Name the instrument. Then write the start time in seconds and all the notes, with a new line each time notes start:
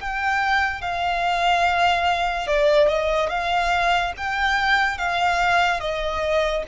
violin
0.00 G5
0.81 F5
2.47 D5
2.88 D#5
3.29 F5
4.17 G5
4.98 F5
5.80 D#5